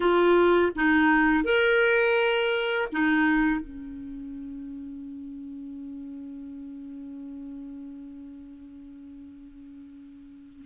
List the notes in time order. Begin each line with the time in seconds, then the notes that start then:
0.00 F4
0.75 D#4
1.44 A#4
2.92 D#4
3.60 C#4